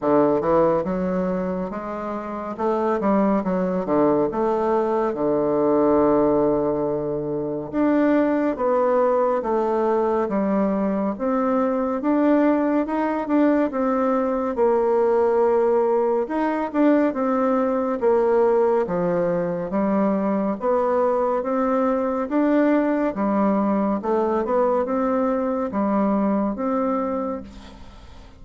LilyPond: \new Staff \with { instrumentName = "bassoon" } { \time 4/4 \tempo 4 = 70 d8 e8 fis4 gis4 a8 g8 | fis8 d8 a4 d2~ | d4 d'4 b4 a4 | g4 c'4 d'4 dis'8 d'8 |
c'4 ais2 dis'8 d'8 | c'4 ais4 f4 g4 | b4 c'4 d'4 g4 | a8 b8 c'4 g4 c'4 | }